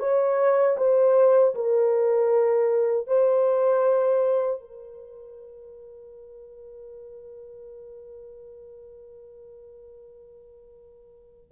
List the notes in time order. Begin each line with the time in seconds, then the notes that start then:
0.00 C#5
0.78 C5
1.55 A#4
3.08 C5
4.61 A#4